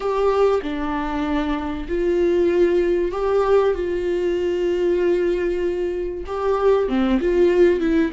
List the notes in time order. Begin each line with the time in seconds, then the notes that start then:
0.00 G4
0.62 D4
1.88 F4
3.11 G4
3.74 F4
6.26 G4
6.88 C4
7.20 F4
7.80 E4